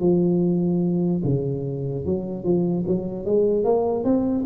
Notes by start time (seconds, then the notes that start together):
0.00 F3
1.25 C#3
2.05 F#3
2.44 F3
2.87 F#3
3.25 G#3
3.64 A#3
4.04 C4